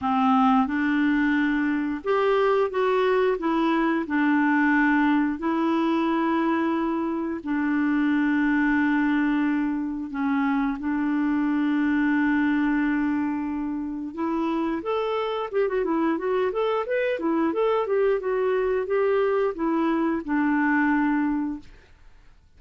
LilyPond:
\new Staff \with { instrumentName = "clarinet" } { \time 4/4 \tempo 4 = 89 c'4 d'2 g'4 | fis'4 e'4 d'2 | e'2. d'4~ | d'2. cis'4 |
d'1~ | d'4 e'4 a'4 g'16 fis'16 e'8 | fis'8 a'8 b'8 e'8 a'8 g'8 fis'4 | g'4 e'4 d'2 | }